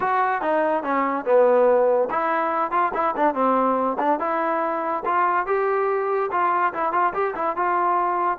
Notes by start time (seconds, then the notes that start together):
0.00 F#4
0.41 D#4
0.83 C#4
1.25 B3
2.10 E4
2.71 F4
2.94 E4
3.16 D4
3.34 C4
3.98 D4
4.19 E4
5.05 F4
5.46 G4
6.31 F4
6.73 E4
6.92 F4
7.13 G4
7.35 E4
7.56 F4